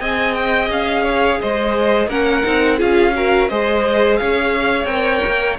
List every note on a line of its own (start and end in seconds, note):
0.00 0.69 C4
0.00 2.10 G#4
0.00 1.03 D#5
0.00 0.33 G#5
0.33 0.68 G5
0.69 1.39 C#4
0.69 1.41 F5
1.03 1.38 C#5
1.41 2.07 G#3
1.41 2.08 C5
1.41 2.09 D#5
2.07 2.42 A#3
2.07 2.43 C#4
2.07 2.77 A#4
2.07 2.79 F#5
2.43 2.80 C4
2.43 2.77 D#4
2.77 3.50 C#4
2.77 3.12 F4
2.77 3.12 G#4
2.77 3.48 F5
3.15 3.49 F#4
3.15 3.49 A#4
3.48 4.20 G#3
3.48 4.87 G#4
3.48 4.19 C5
3.48 4.16 D#5
4.16 4.85 C#4
4.16 5.59 C#5
4.16 4.85 F5
4.85 5.20 C4
4.85 5.57 A#4
4.85 5.55 G5
5.25 5.59 A#3